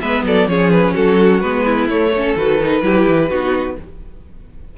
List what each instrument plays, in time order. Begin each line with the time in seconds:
0.00 cello G#3, viola B3, violin B4 E5
0.22 cello F#3, violin A4 D5
0.47 cello F3, viola C#4, violin G#4 C#5
0.71 violin B4
0.94 cello F#3, violin F#4 A4
1.40 cello G#3, viola B3, violin B4
1.65 violin E4
1.87 cello A3, viola A3, violin C#5
2.12 viola C#4, violin A4
2.36 cello D#3, viola F#4, violin B4
2.60 viola D#4
2.82 cello F#3, viola E4, violin G4
3.08 cello E3
3.29 cello B3, viola D#4, violin F#4